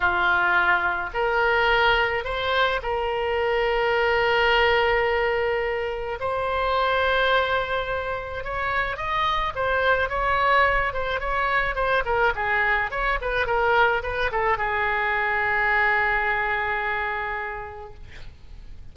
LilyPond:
\new Staff \with { instrumentName = "oboe" } { \time 4/4 \tempo 4 = 107 f'2 ais'2 | c''4 ais'2.~ | ais'2. c''4~ | c''2. cis''4 |
dis''4 c''4 cis''4. c''8 | cis''4 c''8 ais'8 gis'4 cis''8 b'8 | ais'4 b'8 a'8 gis'2~ | gis'1 | }